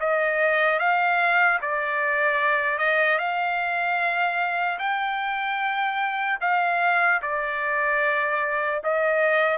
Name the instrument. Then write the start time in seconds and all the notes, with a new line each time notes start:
trumpet
0.00 D#5
0.79 F5
1.61 D5
2.78 D#5
3.19 F5
4.79 G5
6.41 F5
7.22 D5
8.84 D#5